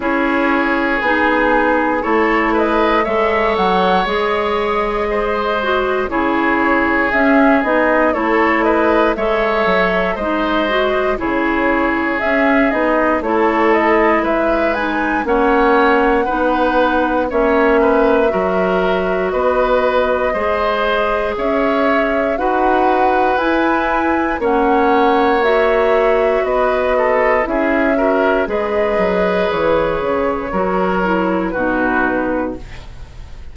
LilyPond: <<
  \new Staff \with { instrumentName = "flute" } { \time 4/4 \tempo 4 = 59 cis''4 gis'4 cis''8 dis''8 e''8 fis''8 | dis''2 cis''4 e''8 dis''8 | cis''8 dis''8 e''4 dis''4 cis''4 | e''8 dis''8 cis''8 dis''8 e''8 gis''8 fis''4~ |
fis''4 e''2 dis''4~ | dis''4 e''4 fis''4 gis''4 | fis''4 e''4 dis''4 e''4 | dis''4 cis''2 b'4 | }
  \new Staff \with { instrumentName = "oboe" } { \time 4/4 gis'2 a'8 b'8 cis''4~ | cis''4 c''4 gis'2 | a'8 b'8 cis''4 c''4 gis'4~ | gis'4 a'4 b'4 cis''4 |
b'4 cis''8 b'8 ais'4 b'4 | c''4 cis''4 b'2 | cis''2 b'8 a'8 gis'8 ais'8 | b'2 ais'4 fis'4 | }
  \new Staff \with { instrumentName = "clarinet" } { \time 4/4 e'4 dis'4 e'4 a'4 | gis'4. fis'8 e'4 cis'8 dis'8 | e'4 a'4 dis'8 fis'8 e'4 | cis'8 dis'8 e'4. dis'8 cis'4 |
dis'4 cis'4 fis'2 | gis'2 fis'4 e'4 | cis'4 fis'2 e'8 fis'8 | gis'2 fis'8 e'8 dis'4 | }
  \new Staff \with { instrumentName = "bassoon" } { \time 4/4 cis'4 b4 a4 gis8 fis8 | gis2 cis4 cis'8 b8 | a4 gis8 fis8 gis4 cis4 | cis'8 b8 a4 gis4 ais4 |
b4 ais4 fis4 b4 | gis4 cis'4 dis'4 e'4 | ais2 b4 cis'4 | gis8 fis8 e8 cis8 fis4 b,4 | }
>>